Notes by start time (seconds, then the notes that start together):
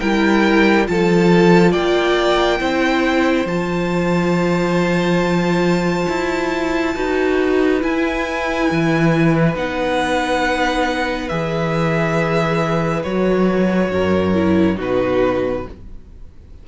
0.00 G3 E4 A#4 G5
0.86 F3 F4 A4 A5
1.72 A#3 D5 G5
2.60 C4 E4 C5
3.46 F3 F4 A5
6.09 E4
6.95 D#4 F#4 B4
7.80 E4 G#5
8.71 E3
9.55 B3 D#4 F#5
11.29 E3 G#4 E5
13.04 F#3 F#4 C#5
13.91 F#2 A#4
14.35 E4
14.76 B2 D#4 F#4 B4